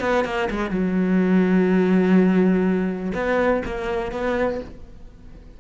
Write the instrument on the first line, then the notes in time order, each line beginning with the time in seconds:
cello
0.00 B3
0.24 A#3
0.50 G#3
0.70 F#3
3.14 B3
3.65 A#3
4.12 B3